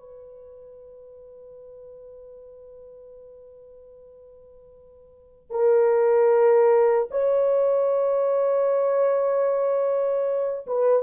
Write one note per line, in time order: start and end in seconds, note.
0.00 5.51 B4
5.51 7.09 A#4
7.11 10.67 C#5
10.67 11.03 B4